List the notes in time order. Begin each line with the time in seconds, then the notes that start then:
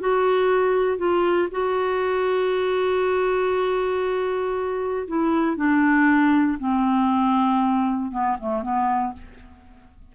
0.00 F#4
0.98 F4
1.51 F#4
5.08 E4
5.57 D4
6.59 C4
8.11 B3
8.40 A3
8.62 B3